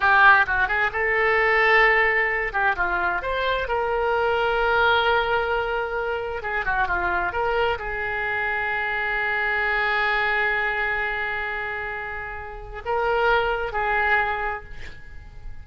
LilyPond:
\new Staff \with { instrumentName = "oboe" } { \time 4/4 \tempo 4 = 131 g'4 fis'8 gis'8 a'2~ | a'4. g'8 f'4 c''4 | ais'1~ | ais'2 gis'8 fis'8 f'4 |
ais'4 gis'2.~ | gis'1~ | gis'1 | ais'2 gis'2 | }